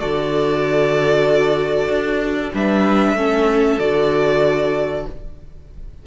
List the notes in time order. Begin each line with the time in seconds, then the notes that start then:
0.00 D3 F#4 A4 D5
1.89 D4
2.54 G3 D4 B4 E5
3.14 A3 C#4 A4
3.79 D3 F#4 D5